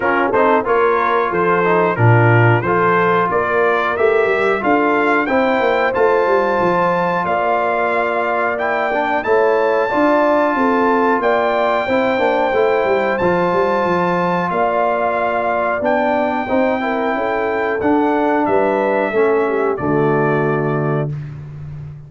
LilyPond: <<
  \new Staff \with { instrumentName = "trumpet" } { \time 4/4 \tempo 4 = 91 ais'8 c''8 cis''4 c''4 ais'4 | c''4 d''4 e''4 f''4 | g''4 a''2 f''4~ | f''4 g''4 a''2~ |
a''4 g''2. | a''2 f''2 | g''2. fis''4 | e''2 d''2 | }
  \new Staff \with { instrumentName = "horn" } { \time 4/4 f'8 a'8 ais'4 a'4 f'4 | a'4 ais'2 a'4 | c''2. d''4~ | d''2 cis''4 d''4 |
a'4 d''4 c''2~ | c''2 d''2~ | d''4 c''8 ais'8 a'2 | b'4 a'8 g'8 fis'2 | }
  \new Staff \with { instrumentName = "trombone" } { \time 4/4 cis'8 dis'8 f'4. dis'8 d'4 | f'2 g'4 f'4 | e'4 f'2.~ | f'4 e'8 d'8 e'4 f'4~ |
f'2 e'8 d'8 e'4 | f'1 | d'4 dis'8 e'4. d'4~ | d'4 cis'4 a2 | }
  \new Staff \with { instrumentName = "tuba" } { \time 4/4 cis'8 c'8 ais4 f4 ais,4 | f4 ais4 a8 g8 d'4 | c'8 ais8 a8 g8 f4 ais4~ | ais2 a4 d'4 |
c'4 ais4 c'8 ais8 a8 g8 | f8 g8 f4 ais2 | b4 c'4 cis'4 d'4 | g4 a4 d2 | }
>>